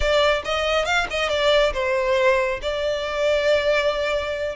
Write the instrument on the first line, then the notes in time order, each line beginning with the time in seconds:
violin
0.00 D5
0.44 D#5
0.85 F5
1.10 D#5
1.29 D5
1.73 C5
2.61 D5